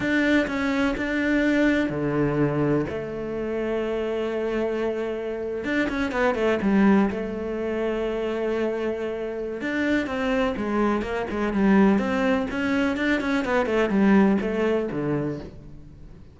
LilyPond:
\new Staff \with { instrumentName = "cello" } { \time 4/4 \tempo 4 = 125 d'4 cis'4 d'2 | d2 a2~ | a2.~ a8. d'16~ | d'16 cis'8 b8 a8 g4 a4~ a16~ |
a1 | d'4 c'4 gis4 ais8 gis8 | g4 c'4 cis'4 d'8 cis'8 | b8 a8 g4 a4 d4 | }